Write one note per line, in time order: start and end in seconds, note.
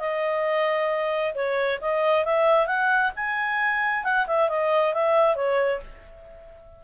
0.00 1.34 D#5
1.35 1.80 C#5
1.81 2.26 D#5
2.26 2.67 E5
2.67 3.12 F#5
3.16 4.04 G#5
4.04 4.27 F#5
4.27 4.50 E5
4.50 4.94 D#5
4.94 5.36 E5
5.36 5.81 C#5